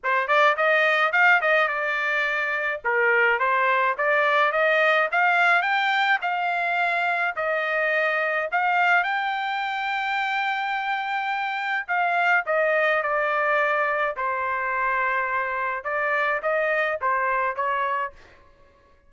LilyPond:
\new Staff \with { instrumentName = "trumpet" } { \time 4/4 \tempo 4 = 106 c''8 d''8 dis''4 f''8 dis''8 d''4~ | d''4 ais'4 c''4 d''4 | dis''4 f''4 g''4 f''4~ | f''4 dis''2 f''4 |
g''1~ | g''4 f''4 dis''4 d''4~ | d''4 c''2. | d''4 dis''4 c''4 cis''4 | }